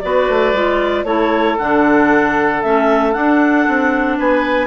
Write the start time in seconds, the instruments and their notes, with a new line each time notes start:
0.00 bassoon B3, clarinet F#4 D5, oboe B4
0.29 bassoon A3
0.53 bassoon G#3, clarinet F4
1.04 bassoon A3, clarinet E4 C#5, oboe A4
1.58 bassoon D3, clarinet D4 F#5
2.62 bassoon A3, clarinet C#4 E5
3.12 clarinet D4 F#5, bassoon D4
3.67 bassoon C4
4.18 bassoon B3, oboe B4, clarinet G#5